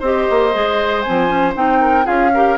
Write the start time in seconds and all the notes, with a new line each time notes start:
0.00 C4 G4 C5 D#5
0.30 A#3
0.53 G#3 G#4
1.01 C4 G#5
1.09 F3
1.28 C#4
1.55 C4 D#4 G5
1.81 A#4
2.05 C#4 F4 G#4 F5
2.34 G4 A#4